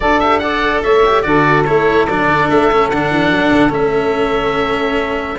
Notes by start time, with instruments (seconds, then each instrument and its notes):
0.00 tuba D4, cello F#4, saxophone A4, oboe D5
0.19 cello G4, oboe E5
0.39 cello A4, saxophone D5, oboe F#5
0.82 tuba A3, saxophone C#5, oboe E5
1.05 cello G4
1.22 tuba D3, cello F#4, saxophone A4, oboe D5
1.65 tuba A3, cello E4, oboe C#5
2.07 tuba F#3, cello D4, oboe D5
2.26 tuba D3
2.50 tuba A3, oboe E5
2.71 cello C#4
2.89 tuba D3, cello D4, oboe F#5
3.10 tuba E3
3.30 tuba F#3
3.52 tuba D3
3.69 tuba A3, cello C#4, oboe E5